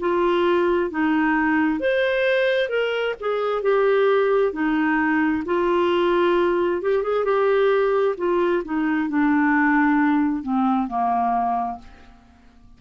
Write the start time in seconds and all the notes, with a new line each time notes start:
0.00 F4
0.91 D#4
1.80 C5
2.69 A#4
3.20 G#4
3.62 G4
4.52 D#4
5.45 F4
6.82 G4
7.03 G#4
7.24 G4
8.17 F4
8.65 D#4
9.09 D4
10.43 C4
10.88 A#3